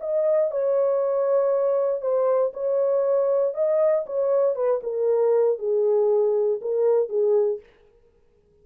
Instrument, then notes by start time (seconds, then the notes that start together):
horn
0.00 D#5
0.51 C#5
2.01 C5
2.53 C#5
3.54 D#5
4.06 C#5
4.55 B4
4.83 A#4
5.59 G#4
6.61 A#4
7.09 G#4